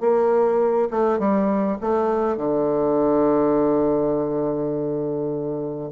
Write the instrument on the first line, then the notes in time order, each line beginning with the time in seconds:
bassoon
0.00 A#3
0.90 A3
1.19 G3
1.81 A3
2.37 D3